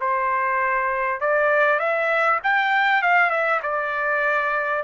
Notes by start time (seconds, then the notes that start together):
0.00 C5
1.20 D5
1.79 E5
2.43 G5
3.02 F5
3.30 E5
3.63 D5